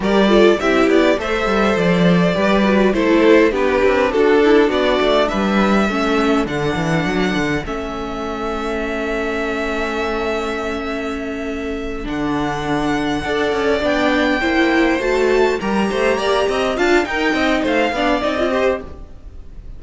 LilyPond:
<<
  \new Staff \with { instrumentName = "violin" } { \time 4/4 \tempo 4 = 102 d''4 e''8 d''8 e''4 d''4~ | d''4 c''4 b'4 a'4 | d''4 e''2 fis''4~ | fis''4 e''2.~ |
e''1~ | e''8 fis''2. g''8~ | g''4. a''4 ais''4.~ | ais''8 a''8 g''4 f''4 dis''4 | }
  \new Staff \with { instrumentName = "violin" } { \time 4/4 ais'8 a'8 g'4 c''2 | b'4 a'4 g'4 fis'8 e'8 | fis'4 b'4 a'2~ | a'1~ |
a'1~ | a'2~ a'8 d''4.~ | d''8 c''2 ais'8 c''8 d''8 | dis''8 f''8 ais'8 dis''8 c''8 d''4 c''8 | }
  \new Staff \with { instrumentName = "viola" } { \time 4/4 g'8 f'8 e'4 a'2 | g'8 fis'8 e'4 d'2~ | d'2 cis'4 d'4~ | d'4 cis'2.~ |
cis'1~ | cis'8 d'2 a'4 d'8~ | d'8 e'4 fis'4 g'4.~ | g'8 f'8 dis'4. d'8 dis'16 f'16 g'8 | }
  \new Staff \with { instrumentName = "cello" } { \time 4/4 g4 c'8 b8 a8 g8 f4 | g4 a4 b8 c'8 d'4 | b8 a8 g4 a4 d8 e8 | fis8 d8 a2.~ |
a1~ | a8 d2 d'8 cis'8 b8~ | b8 ais4 a4 g8 a8 ais8 | c'8 d'8 dis'8 c'8 a8 b8 c'4 | }
>>